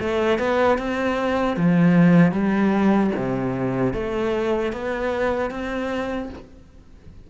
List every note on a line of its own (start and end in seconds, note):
0.00 0.39 A3
0.39 0.78 B3
0.79 1.57 C4
1.57 2.32 F3
2.32 3.11 G3
3.16 3.94 C3
3.94 4.73 A3
4.73 5.50 B3
5.50 6.29 C4